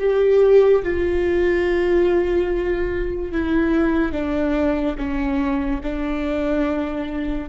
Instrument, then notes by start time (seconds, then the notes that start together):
viola
0.00 G4
0.83 F4
3.32 E4
4.13 D4
4.98 C#4
5.83 D4